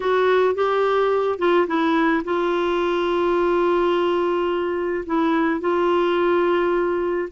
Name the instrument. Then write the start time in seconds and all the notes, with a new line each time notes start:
clarinet
0.00 F#4
0.55 G4
1.38 F4
1.67 E4
2.24 F4
5.06 E4
5.60 F4